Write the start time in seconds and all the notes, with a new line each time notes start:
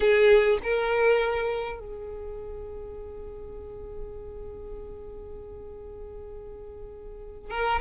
0.00 G#4
0.63 A#4
1.79 G#4
7.50 A#4